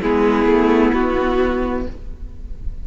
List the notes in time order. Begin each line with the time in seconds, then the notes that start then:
0.00 G#3 B3 E4 G#4
0.46 A3
0.94 B3 F#4